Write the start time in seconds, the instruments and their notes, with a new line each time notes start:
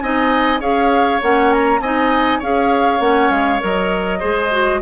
0.00 bassoon C4, clarinet D#4, oboe D#5, flute G#5
0.60 bassoon C#4, clarinet G#4, oboe C#5, flute F5
1.21 bassoon A#3, clarinet C#4, flute F#5
1.52 flute A#5
1.80 bassoon C4, clarinet D#4, oboe D#5, flute G#5
2.39 bassoon C#4, clarinet G#4, oboe C#5, flute F5
3.00 bassoon A#3, clarinet C#4, flute F#5
3.31 bassoon G#3, flute F5
3.60 bassoon F#3, clarinet A#4, flute D#5
4.20 bassoon G#3, clarinet G#4, oboe C5
4.51 clarinet F#4